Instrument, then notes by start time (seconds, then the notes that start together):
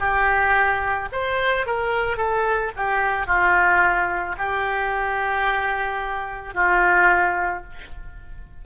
oboe
0.00 G4
1.13 C5
1.67 A#4
2.17 A4
2.77 G4
3.27 F4
4.38 G4
6.55 F4